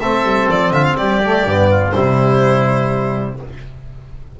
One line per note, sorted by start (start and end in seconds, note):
0.00 0.23 A3
0.00 1.23 C4
0.00 0.73 A4
0.00 0.48 E5
0.23 0.47 G3
0.49 0.71 F3
0.49 0.73 D5
0.71 0.95 D3
0.71 0.97 F4
0.71 0.84 E5
0.84 0.96 F5
0.97 1.45 G3
0.97 1.70 G4
0.97 1.91 D5
1.23 1.48 A3
1.45 1.93 G2
1.45 1.92 B3
1.70 1.94 F4
1.91 3.40 C3
1.91 3.37 G3
1.91 3.39 E4
1.91 3.36 C5